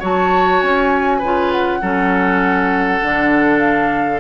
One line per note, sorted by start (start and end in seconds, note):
0.00 0.62 F#3
0.00 1.21 F#4
0.00 1.19 C#5
0.00 0.62 A5
0.62 1.22 C#4
0.62 1.52 G#5
1.19 1.82 C#3
1.19 1.82 F4
1.19 1.79 B4
1.52 3.59 F#5
1.82 3.02 F#3
1.82 3.02 C#4
1.82 4.21 A4
3.02 4.21 D3
3.02 4.21 D4
3.59 4.19 F5